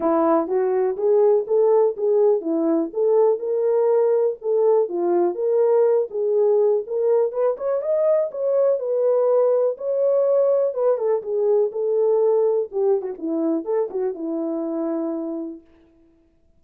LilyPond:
\new Staff \with { instrumentName = "horn" } { \time 4/4 \tempo 4 = 123 e'4 fis'4 gis'4 a'4 | gis'4 e'4 a'4 ais'4~ | ais'4 a'4 f'4 ais'4~ | ais'8 gis'4. ais'4 b'8 cis''8 |
dis''4 cis''4 b'2 | cis''2 b'8 a'8 gis'4 | a'2 g'8. fis'16 e'4 | a'8 fis'8 e'2. | }